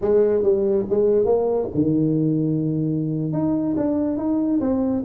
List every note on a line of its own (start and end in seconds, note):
0.01 0.42 G#3
0.42 0.85 G3
0.90 1.25 G#3
1.25 1.68 A#3
1.74 3.32 D#3
3.32 3.75 D#4
3.77 4.17 D4
4.17 4.60 D#4
4.60 5.03 C4